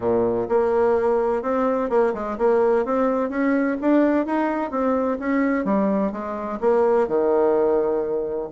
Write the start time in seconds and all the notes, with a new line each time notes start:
0.00 A#2
0.49 A#3
1.42 C4
1.89 A#3
2.13 G#3
2.38 A#3
2.85 C4
3.29 C#4
3.81 D4
4.26 D#4
4.70 C4
5.19 C#4
5.64 G3
6.12 G#3
6.60 A#3
7.07 D#3